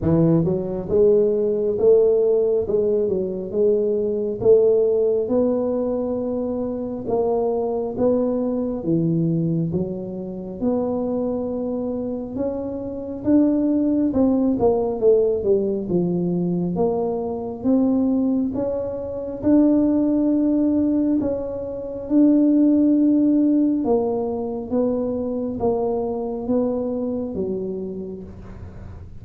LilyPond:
\new Staff \with { instrumentName = "tuba" } { \time 4/4 \tempo 4 = 68 e8 fis8 gis4 a4 gis8 fis8 | gis4 a4 b2 | ais4 b4 e4 fis4 | b2 cis'4 d'4 |
c'8 ais8 a8 g8 f4 ais4 | c'4 cis'4 d'2 | cis'4 d'2 ais4 | b4 ais4 b4 fis4 | }